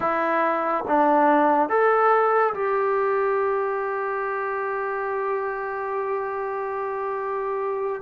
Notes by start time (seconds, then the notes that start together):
0.00 E4
0.87 D4
1.69 A4
2.54 G4